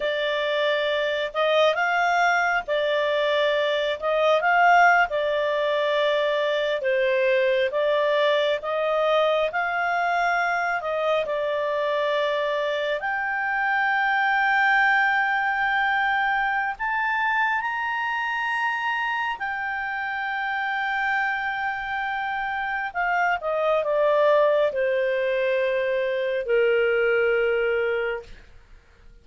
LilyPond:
\new Staff \with { instrumentName = "clarinet" } { \time 4/4 \tempo 4 = 68 d''4. dis''8 f''4 d''4~ | d''8 dis''8 f''8. d''2 c''16~ | c''8. d''4 dis''4 f''4~ f''16~ | f''16 dis''8 d''2 g''4~ g''16~ |
g''2. a''4 | ais''2 g''2~ | g''2 f''8 dis''8 d''4 | c''2 ais'2 | }